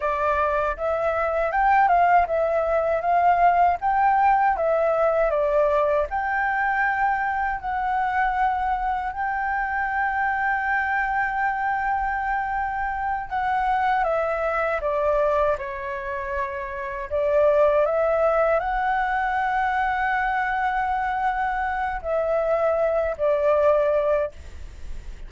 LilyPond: \new Staff \with { instrumentName = "flute" } { \time 4/4 \tempo 4 = 79 d''4 e''4 g''8 f''8 e''4 | f''4 g''4 e''4 d''4 | g''2 fis''2 | g''1~ |
g''4. fis''4 e''4 d''8~ | d''8 cis''2 d''4 e''8~ | e''8 fis''2.~ fis''8~ | fis''4 e''4. d''4. | }